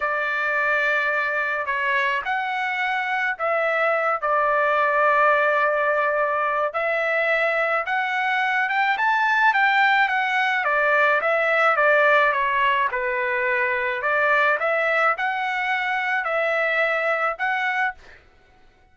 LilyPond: \new Staff \with { instrumentName = "trumpet" } { \time 4/4 \tempo 4 = 107 d''2. cis''4 | fis''2 e''4. d''8~ | d''1 | e''2 fis''4. g''8 |
a''4 g''4 fis''4 d''4 | e''4 d''4 cis''4 b'4~ | b'4 d''4 e''4 fis''4~ | fis''4 e''2 fis''4 | }